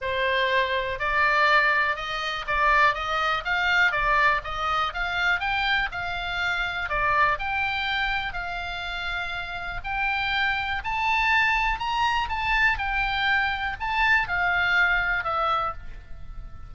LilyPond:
\new Staff \with { instrumentName = "oboe" } { \time 4/4 \tempo 4 = 122 c''2 d''2 | dis''4 d''4 dis''4 f''4 | d''4 dis''4 f''4 g''4 | f''2 d''4 g''4~ |
g''4 f''2. | g''2 a''2 | ais''4 a''4 g''2 | a''4 f''2 e''4 | }